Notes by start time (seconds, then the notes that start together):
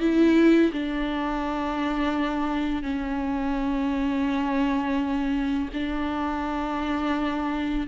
0.00 E4
0.72 D4
2.83 C#4
5.73 D4